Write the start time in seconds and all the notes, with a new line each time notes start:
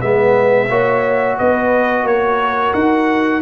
0.00 G#3 B3 B4 E5
0.69 A#3 F#4 C#5
1.37 B3 B4 D#5
2.03 A#3 A#4 C#5
2.73 D#4 F#5